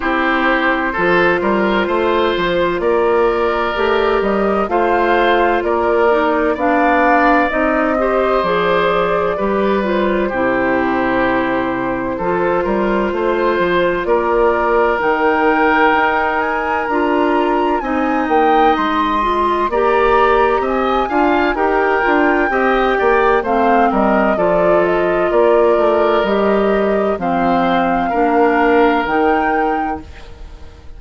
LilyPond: <<
  \new Staff \with { instrumentName = "flute" } { \time 4/4 \tempo 4 = 64 c''2. d''4~ | d''8 dis''8 f''4 d''4 f''4 | dis''4 d''4. c''4.~ | c''2. d''4 |
g''4. gis''8 ais''4 gis''8 g''8 | c'''4 ais''4 gis''4 g''4~ | g''4 f''8 dis''8 d''8 dis''8 d''4 | dis''4 f''2 g''4 | }
  \new Staff \with { instrumentName = "oboe" } { \time 4/4 g'4 a'8 ais'8 c''4 ais'4~ | ais'4 c''4 ais'4 d''4~ | d''8 c''4. b'4 g'4~ | g'4 a'8 ais'8 c''4 ais'4~ |
ais'2. dis''4~ | dis''4 d''4 dis''8 f''8 ais'4 | dis''8 d''8 c''8 ais'8 a'4 ais'4~ | ais'4 c''4 ais'2 | }
  \new Staff \with { instrumentName = "clarinet" } { \time 4/4 e'4 f'2. | g'4 f'4. dis'8 d'4 | dis'8 g'8 gis'4 g'8 f'8 e'4~ | e'4 f'2. |
dis'2 f'4 dis'4~ | dis'8 f'8 g'4. f'8 g'8 f'8 | g'4 c'4 f'2 | g'4 c'4 d'4 dis'4 | }
  \new Staff \with { instrumentName = "bassoon" } { \time 4/4 c'4 f8 g8 a8 f8 ais4 | a8 g8 a4 ais4 b4 | c'4 f4 g4 c4~ | c4 f8 g8 a8 f8 ais4 |
dis4 dis'4 d'4 c'8 ais8 | gis4 ais4 c'8 d'8 dis'8 d'8 | c'8 ais8 a8 g8 f4 ais8 a8 | g4 f4 ais4 dis4 | }
>>